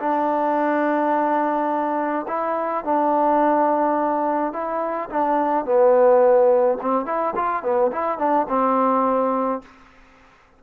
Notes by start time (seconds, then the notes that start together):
0.00 D4
2.28 E4
2.85 D4
4.53 E4
5.10 D4
5.66 B3
6.82 C4
7.06 E4
7.36 F4
7.63 B3
7.92 E4
8.19 D4
8.49 C4